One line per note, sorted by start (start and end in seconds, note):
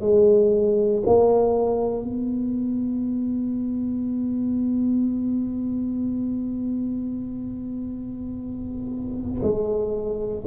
0.00 1.02 G#3
1.05 2.03 A#3
2.03 9.40 B3
9.42 10.44 G#3